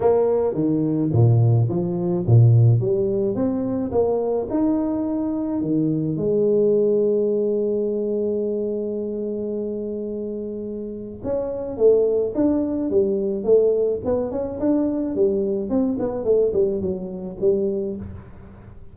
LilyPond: \new Staff \with { instrumentName = "tuba" } { \time 4/4 \tempo 4 = 107 ais4 dis4 ais,4 f4 | ais,4 g4 c'4 ais4 | dis'2 dis4 gis4~ | gis1~ |
gis1 | cis'4 a4 d'4 g4 | a4 b8 cis'8 d'4 g4 | c'8 b8 a8 g8 fis4 g4 | }